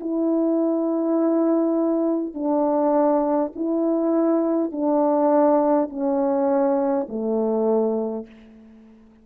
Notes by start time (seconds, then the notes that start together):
0.00 E4
2.34 D4
3.56 E4
4.72 D4
5.89 C#4
7.09 A3